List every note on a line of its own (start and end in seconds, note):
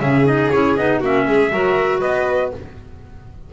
0.00 0.50 C#3
0.00 0.25 C#4
0.00 0.99 G#4
0.00 0.26 E5
0.25 0.50 D#4
0.25 0.50 D#5
0.50 0.77 C#4
0.50 0.77 E4
0.50 0.76 C#5
0.76 1.02 B3
0.76 1.02 D#4
0.76 1.01 D#5
0.99 1.27 A#3
0.99 1.50 C#4
0.99 1.25 F#4
0.99 2.01 E5
1.27 1.52 G#3
1.27 1.53 G#4
1.50 2.02 F#3
1.50 2.51 F#4
1.50 2.00 A#4
2.00 2.53 B3
2.00 2.50 B4
2.00 2.51 D#5